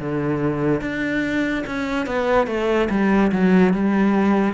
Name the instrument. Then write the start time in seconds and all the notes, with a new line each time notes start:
cello
0.00 D3
0.81 D4
1.67 C#4
2.07 B3
2.47 A3
2.90 G3
3.33 F#3
3.74 G3